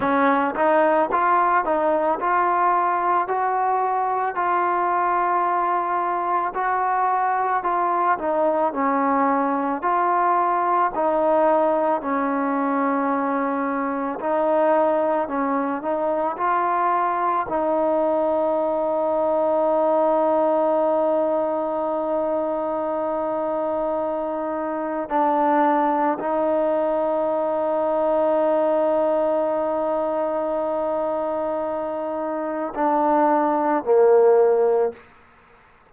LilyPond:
\new Staff \with { instrumentName = "trombone" } { \time 4/4 \tempo 4 = 55 cis'8 dis'8 f'8 dis'8 f'4 fis'4 | f'2 fis'4 f'8 dis'8 | cis'4 f'4 dis'4 cis'4~ | cis'4 dis'4 cis'8 dis'8 f'4 |
dis'1~ | dis'2. d'4 | dis'1~ | dis'2 d'4 ais4 | }